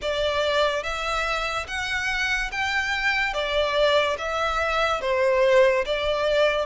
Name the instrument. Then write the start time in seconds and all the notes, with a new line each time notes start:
violin
0.01 D5
0.83 E5
1.67 F#5
2.52 G5
3.33 D5
4.18 E5
5.01 C5
5.85 D5